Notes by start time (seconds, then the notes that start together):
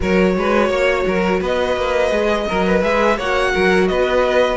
0.00 F#3 F#4 A#4 C#5
0.37 G#3 B4
0.68 A#3 C#5
1.06 F#3 A#4
1.40 B3 B4 D#5
1.76 A#3
2.10 G#3 G#4
2.47 F#3 A#4
2.66 B4
2.82 G#3 G#4 E5
3.17 A#3 F#4 C#5 F#5
3.53 F#3 A#4
3.87 B3 B4 D#5